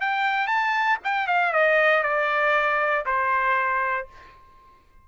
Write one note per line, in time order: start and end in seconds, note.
0.00 0.47 G5
0.47 0.98 A5
1.04 1.27 G5
1.27 1.53 F5
1.53 2.03 D#5
2.03 3.05 D5
3.05 4.07 C5